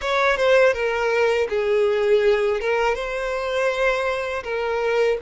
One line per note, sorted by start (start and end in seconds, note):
0.01 0.37 C#5
0.37 0.73 C5
0.73 1.47 A#4
1.49 2.60 G#4
2.60 2.95 A#4
2.95 4.43 C5
4.43 5.17 A#4